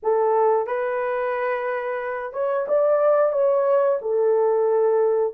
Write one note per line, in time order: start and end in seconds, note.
0.02 0.66 A4
0.66 2.32 B4
2.32 2.66 C#5
2.68 3.32 D5
3.32 3.98 C#5
4.02 5.33 A4